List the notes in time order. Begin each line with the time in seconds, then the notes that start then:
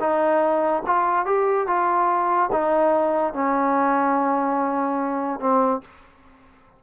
0.00 D#4
0.86 F4
1.25 G4
1.67 F4
2.52 D#4
3.33 C#4
5.40 C4